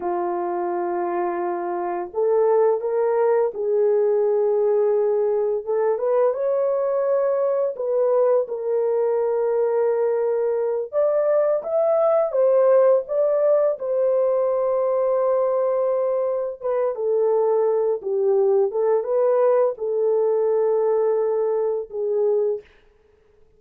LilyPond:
\new Staff \with { instrumentName = "horn" } { \time 4/4 \tempo 4 = 85 f'2. a'4 | ais'4 gis'2. | a'8 b'8 cis''2 b'4 | ais'2.~ ais'8 d''8~ |
d''8 e''4 c''4 d''4 c''8~ | c''2.~ c''8 b'8 | a'4. g'4 a'8 b'4 | a'2. gis'4 | }